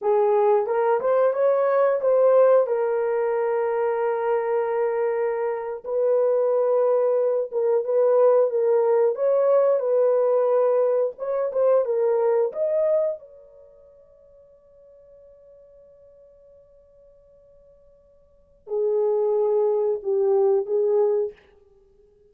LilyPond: \new Staff \with { instrumentName = "horn" } { \time 4/4 \tempo 4 = 90 gis'4 ais'8 c''8 cis''4 c''4 | ais'1~ | ais'8. b'2~ b'8 ais'8 b'16~ | b'8. ais'4 cis''4 b'4~ b'16~ |
b'8. cis''8 c''8 ais'4 dis''4 cis''16~ | cis''1~ | cis''1 | gis'2 g'4 gis'4 | }